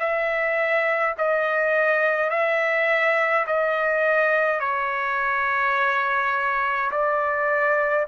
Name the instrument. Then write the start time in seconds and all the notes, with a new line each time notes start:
trumpet
0.00 E5
1.19 D#5
2.30 E5
3.47 D#5
4.60 C#5
6.91 D5